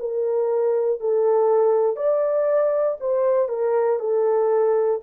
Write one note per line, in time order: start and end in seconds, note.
0.00 1.01 A#4
1.01 1.96 A4
1.96 2.98 D5
3.00 3.49 C5
3.49 3.99 A#4
3.99 5.01 A4